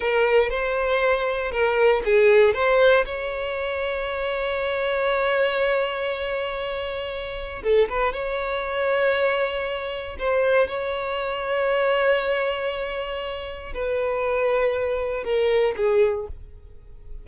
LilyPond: \new Staff \with { instrumentName = "violin" } { \time 4/4 \tempo 4 = 118 ais'4 c''2 ais'4 | gis'4 c''4 cis''2~ | cis''1~ | cis''2. a'8 b'8 |
cis''1 | c''4 cis''2.~ | cis''2. b'4~ | b'2 ais'4 gis'4 | }